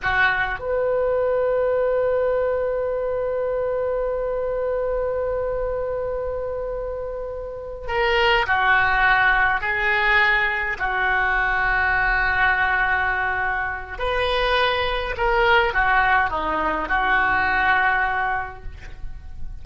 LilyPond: \new Staff \with { instrumentName = "oboe" } { \time 4/4 \tempo 4 = 103 fis'4 b'2.~ | b'1~ | b'1~ | b'4. ais'4 fis'4.~ |
fis'8 gis'2 fis'4.~ | fis'1 | b'2 ais'4 fis'4 | dis'4 fis'2. | }